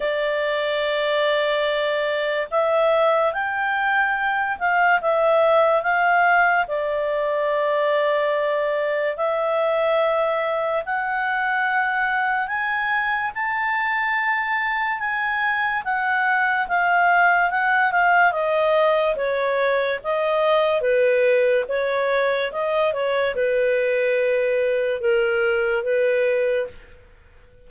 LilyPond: \new Staff \with { instrumentName = "clarinet" } { \time 4/4 \tempo 4 = 72 d''2. e''4 | g''4. f''8 e''4 f''4 | d''2. e''4~ | e''4 fis''2 gis''4 |
a''2 gis''4 fis''4 | f''4 fis''8 f''8 dis''4 cis''4 | dis''4 b'4 cis''4 dis''8 cis''8 | b'2 ais'4 b'4 | }